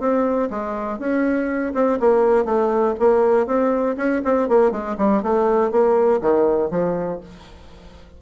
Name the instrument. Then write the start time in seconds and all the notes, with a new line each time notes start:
bassoon
0.00 C4
0.50 G#3
0.99 C#4
1.74 C4
2.00 A#3
2.45 A3
2.99 A#3
3.47 C4
3.97 C#4
4.25 C4
4.49 A#3
4.71 G#3
4.98 G3
5.23 A3
5.71 A#3
6.21 D#3
6.71 F3